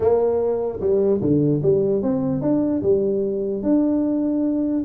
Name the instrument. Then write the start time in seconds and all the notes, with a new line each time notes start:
tuba
0.00 A#3
0.80 G3
1.21 D3
1.62 G3
2.02 C4
2.41 D4
2.82 G3
3.63 D4